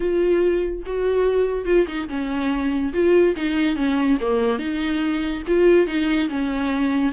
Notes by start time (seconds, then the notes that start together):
0.00 F4
0.86 F#4
1.65 F4
1.87 D#4
2.08 C#4
2.93 F4
3.36 D#4
3.76 C#4
4.20 A#3
4.58 D#4
5.47 F4
5.86 D#4
6.29 C#4